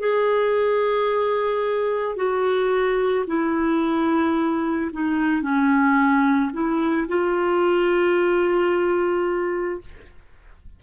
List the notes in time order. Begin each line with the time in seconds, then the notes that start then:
0.00 G#4
2.17 F#4
3.27 E4
4.93 D#4
5.42 C#4
6.53 E4
7.09 F4